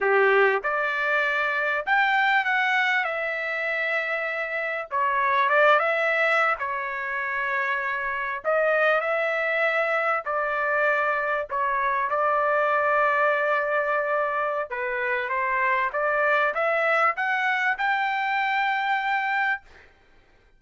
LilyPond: \new Staff \with { instrumentName = "trumpet" } { \time 4/4 \tempo 4 = 98 g'4 d''2 g''4 | fis''4 e''2. | cis''4 d''8 e''4~ e''16 cis''4~ cis''16~ | cis''4.~ cis''16 dis''4 e''4~ e''16~ |
e''8. d''2 cis''4 d''16~ | d''1 | b'4 c''4 d''4 e''4 | fis''4 g''2. | }